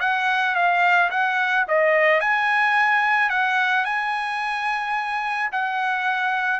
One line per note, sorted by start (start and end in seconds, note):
0.00 0.55 F#5
0.55 1.10 F5
1.10 1.65 F#5
1.68 2.20 D#5
2.20 3.30 G#5
3.30 3.85 F#5
3.85 5.50 G#5
5.52 6.60 F#5